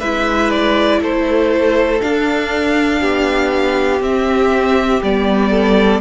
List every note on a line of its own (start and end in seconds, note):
0.00 1.01 G#3
0.00 2.00 E4
0.00 1.00 B4
0.00 0.50 E5
0.50 1.00 D5
1.01 2.01 A3
1.01 3.01 A4
1.01 2.01 C5
2.00 4.00 D4
2.00 3.01 D4
2.00 4.01 F5
3.01 4.01 B3
3.01 5.51 G4
4.01 5.01 C4
4.01 5.03 E5
5.02 6.00 G3
5.02 6.00 B3
5.02 6.00 D5
5.51 6.00 A4